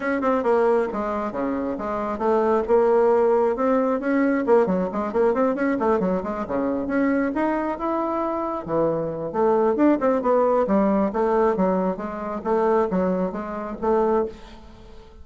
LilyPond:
\new Staff \with { instrumentName = "bassoon" } { \time 4/4 \tempo 4 = 135 cis'8 c'8 ais4 gis4 cis4 | gis4 a4 ais2 | c'4 cis'4 ais8 fis8 gis8 ais8 | c'8 cis'8 a8 fis8 gis8 cis4 cis'8~ |
cis'8 dis'4 e'2 e8~ | e4 a4 d'8 c'8 b4 | g4 a4 fis4 gis4 | a4 fis4 gis4 a4 | }